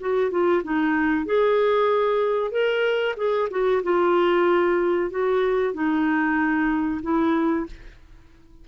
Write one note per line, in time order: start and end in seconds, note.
0.00 0.30 F#4
0.30 0.62 F4
0.64 1.26 D#4
1.26 2.51 G#4
2.51 3.15 A#4
3.17 3.49 G#4
3.50 3.82 F#4
3.83 5.10 F4
5.10 5.73 F#4
5.73 7.01 D#4
7.02 7.66 E4